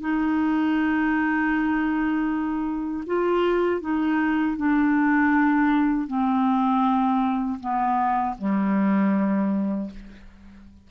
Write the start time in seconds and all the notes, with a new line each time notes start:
0.00 D#4
3.06 F4
3.80 D#4
4.56 D4
6.07 C4
7.59 B3
8.38 G3